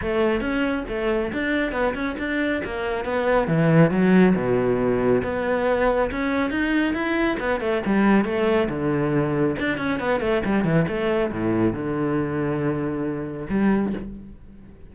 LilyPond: \new Staff \with { instrumentName = "cello" } { \time 4/4 \tempo 4 = 138 a4 cis'4 a4 d'4 | b8 cis'8 d'4 ais4 b4 | e4 fis4 b,2 | b2 cis'4 dis'4 |
e'4 b8 a8 g4 a4 | d2 d'8 cis'8 b8 a8 | g8 e8 a4 a,4 d4~ | d2. g4 | }